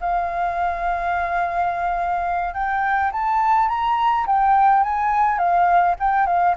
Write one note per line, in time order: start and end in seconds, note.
0.00 2.54 F5
2.54 3.11 G5
3.11 3.69 A5
3.69 4.26 A#5
4.26 4.83 G5
4.83 5.38 G#5
5.38 5.95 F5
5.99 6.26 G5
6.26 6.55 F5